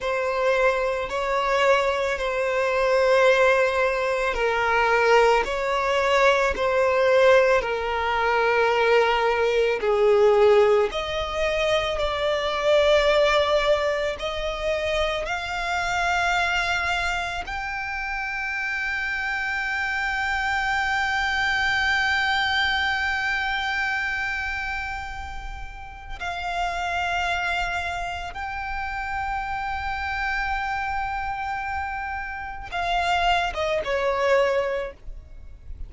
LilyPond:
\new Staff \with { instrumentName = "violin" } { \time 4/4 \tempo 4 = 55 c''4 cis''4 c''2 | ais'4 cis''4 c''4 ais'4~ | ais'4 gis'4 dis''4 d''4~ | d''4 dis''4 f''2 |
g''1~ | g''1 | f''2 g''2~ | g''2 f''8. dis''16 cis''4 | }